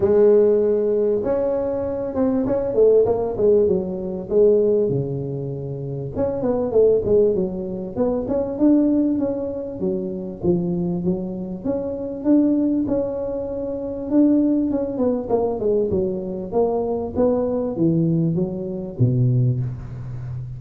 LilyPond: \new Staff \with { instrumentName = "tuba" } { \time 4/4 \tempo 4 = 98 gis2 cis'4. c'8 | cis'8 a8 ais8 gis8 fis4 gis4 | cis2 cis'8 b8 a8 gis8 | fis4 b8 cis'8 d'4 cis'4 |
fis4 f4 fis4 cis'4 | d'4 cis'2 d'4 | cis'8 b8 ais8 gis8 fis4 ais4 | b4 e4 fis4 b,4 | }